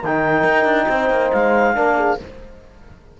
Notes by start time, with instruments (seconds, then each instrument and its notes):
0.00 cello D#3, horn A#4, clarinet G5
0.06 trombone D#4
0.44 cello D#4
0.64 cello D4
0.89 cello C4, horn C5
1.10 cello A#3
1.32 cello G#3, clarinet F5
1.74 cello A#3, trombone D4, horn A#4
1.97 horn G#4